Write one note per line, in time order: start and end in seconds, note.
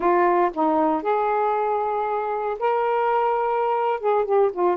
0.00 0.51 F4
0.54 1.02 D#4
1.02 2.57 G#4
2.59 4.00 A#4
4.00 4.24 G#4
4.24 4.50 G4
4.52 4.77 F4